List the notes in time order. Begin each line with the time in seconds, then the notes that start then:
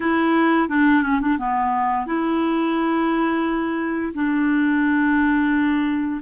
0.00 E4
0.69 D4
1.03 C#4
1.20 D4
1.38 B3
2.06 E4
4.14 D4